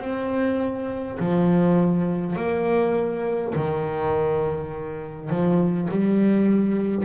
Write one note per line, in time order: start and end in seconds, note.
0.00 1.18 C4
1.19 2.36 F3
2.36 3.53 A#3
3.55 5.29 D#3
5.29 5.88 F3
5.91 7.05 G3